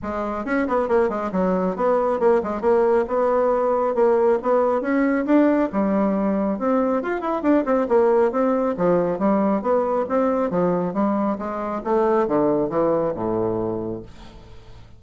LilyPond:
\new Staff \with { instrumentName = "bassoon" } { \time 4/4 \tempo 4 = 137 gis4 cis'8 b8 ais8 gis8 fis4 | b4 ais8 gis8 ais4 b4~ | b4 ais4 b4 cis'4 | d'4 g2 c'4 |
f'8 e'8 d'8 c'8 ais4 c'4 | f4 g4 b4 c'4 | f4 g4 gis4 a4 | d4 e4 a,2 | }